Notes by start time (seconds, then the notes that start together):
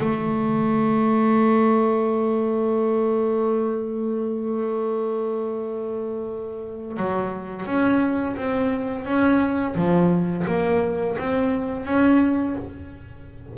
0.00 A3
6.97 F#3
7.66 C#4
8.36 C4
9.05 C#4
9.75 F3
10.47 A#3
11.18 C4
11.85 C#4